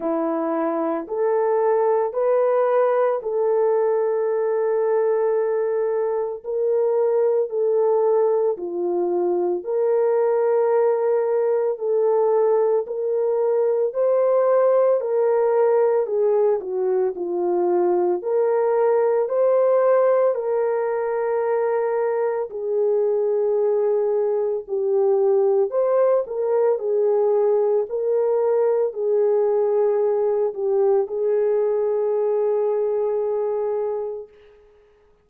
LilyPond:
\new Staff \with { instrumentName = "horn" } { \time 4/4 \tempo 4 = 56 e'4 a'4 b'4 a'4~ | a'2 ais'4 a'4 | f'4 ais'2 a'4 | ais'4 c''4 ais'4 gis'8 fis'8 |
f'4 ais'4 c''4 ais'4~ | ais'4 gis'2 g'4 | c''8 ais'8 gis'4 ais'4 gis'4~ | gis'8 g'8 gis'2. | }